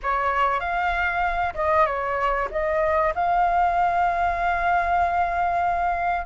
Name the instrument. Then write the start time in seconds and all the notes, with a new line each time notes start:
flute
0.02 C#5
0.60 F5
1.54 D#5
1.86 C#5
2.51 D#5
3.14 F5